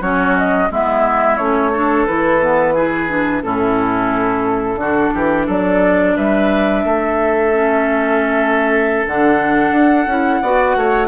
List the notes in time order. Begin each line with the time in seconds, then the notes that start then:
0.00 F#3 C#4 F#4 C#5
0.37 D#5
0.70 G#3 B3 E4 E5
1.37 A3 C#4 C#5
1.72 D4 A4
2.05 E3 E4 B4
2.41 B3
2.74 E4 G#4
3.08 D4
3.42 A2 C#4 E4 A4
4.75 D3 F#4
4.82 D4
5.13 E3 G4
5.46 F#3 A4 D5
6.16 G3 B4 E5
6.84 A3 A4
7.53 C#4
9.06 D3 D4 F#5
9.71 D4
10.06 C#4 E4
10.41 B3 F#4 D5
10.75 A3 C#5